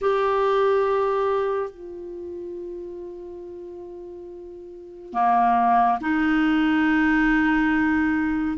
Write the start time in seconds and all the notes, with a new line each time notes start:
0.01 G4
1.70 F4
5.13 A#3
6.00 D#4